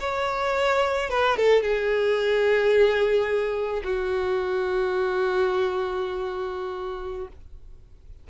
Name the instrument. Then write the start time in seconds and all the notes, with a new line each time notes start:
violin
0.00 C#5
1.10 B4
1.38 A4
1.63 G#4
3.84 F#4